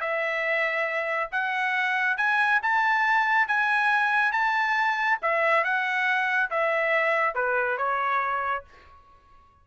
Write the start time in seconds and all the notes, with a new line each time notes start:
0.00 E5
1.31 F#5
2.17 G#5
2.62 A5
3.47 G#5
4.32 A5
5.22 E5
5.63 F#5
6.50 E5
7.35 B4
7.77 C#5